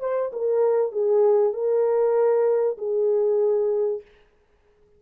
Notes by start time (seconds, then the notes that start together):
0.00 C5
0.32 A#4
0.91 G#4
1.53 A#4
2.78 G#4